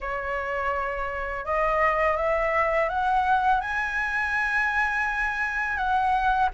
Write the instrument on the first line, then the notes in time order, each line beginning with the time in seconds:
flute
0.00 C#5
1.45 D#5
2.17 E5
2.89 F#5
3.60 G#5
5.77 F#5